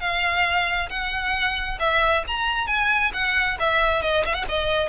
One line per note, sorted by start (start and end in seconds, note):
0.00 0.89 F5
0.89 1.78 F#5
1.79 2.23 E5
2.27 2.67 A#5
2.67 3.11 G#5
3.13 3.58 F#5
3.59 4.02 E5
4.02 4.24 D#5
4.25 4.33 E5
4.33 4.44 F#5
4.48 4.88 D#5